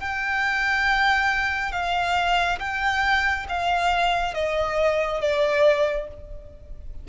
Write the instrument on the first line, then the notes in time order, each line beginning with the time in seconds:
violin
0.00 G5
1.72 F5
2.59 G5
3.49 F5
4.34 D#5
5.21 D5